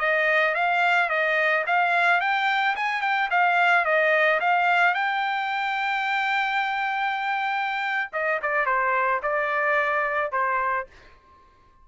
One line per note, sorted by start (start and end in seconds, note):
0.00 0.55 D#5
0.55 1.10 F5
1.10 1.65 D#5
1.67 2.21 F5
2.21 2.76 G5
2.76 3.02 G#5
3.02 3.30 G5
3.31 3.86 F5
3.86 4.41 D#5
4.41 4.95 F5
4.95 8.11 G5
8.13 8.41 D#5
8.43 8.66 D5
8.66 9.21 C5
9.23 10.32 D5
10.32 10.87 C5